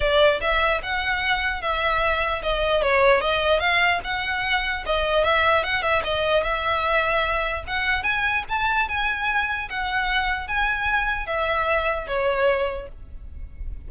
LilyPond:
\new Staff \with { instrumentName = "violin" } { \time 4/4 \tempo 4 = 149 d''4 e''4 fis''2 | e''2 dis''4 cis''4 | dis''4 f''4 fis''2 | dis''4 e''4 fis''8 e''8 dis''4 |
e''2. fis''4 | gis''4 a''4 gis''2 | fis''2 gis''2 | e''2 cis''2 | }